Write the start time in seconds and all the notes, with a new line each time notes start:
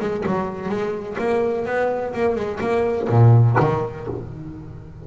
0.00 G#3
0.26 F#3
0.69 G#3
1.18 A#3
1.65 B3
2.13 A#3
2.35 G#3
2.60 A#3
3.09 A#2
3.59 D#3